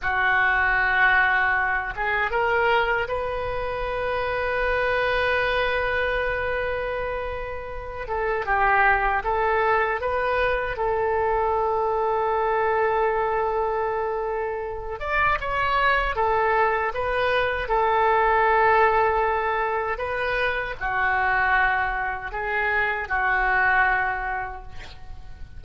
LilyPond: \new Staff \with { instrumentName = "oboe" } { \time 4/4 \tempo 4 = 78 fis'2~ fis'8 gis'8 ais'4 | b'1~ | b'2~ b'8 a'8 g'4 | a'4 b'4 a'2~ |
a'2.~ a'8 d''8 | cis''4 a'4 b'4 a'4~ | a'2 b'4 fis'4~ | fis'4 gis'4 fis'2 | }